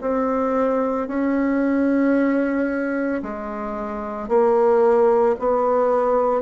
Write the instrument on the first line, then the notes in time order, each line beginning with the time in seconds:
bassoon
0.00 C4
1.07 C#4
3.22 G#3
4.28 A#3
5.39 B3